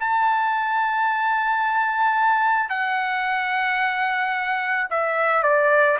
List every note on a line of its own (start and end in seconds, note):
0.00 2.69 A5
2.69 4.87 F#5
4.90 5.43 E5
5.43 5.98 D5